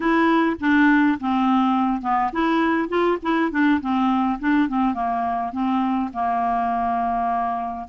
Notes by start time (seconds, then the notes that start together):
0.00 E4
0.60 D4
1.19 C4
2.01 B3
2.32 E4
2.88 F4
3.22 E4
3.51 D4
3.80 C4
4.39 D4
4.68 C4
4.94 A#3
5.52 C4
6.13 A#3